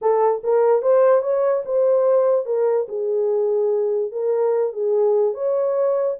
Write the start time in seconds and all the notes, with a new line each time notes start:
0.01 A4
0.43 A#4
0.81 C5
1.21 C#5
1.65 C5
2.45 A#4
2.88 G#4
4.11 A#4
4.72 G#4
5.33 C#5